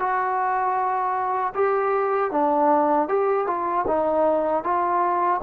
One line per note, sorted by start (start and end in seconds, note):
0.00 1.54 F#4
1.55 2.32 G4
2.32 3.09 D4
3.09 3.47 G4
3.48 3.86 F4
3.88 4.64 D#4
4.64 5.41 F4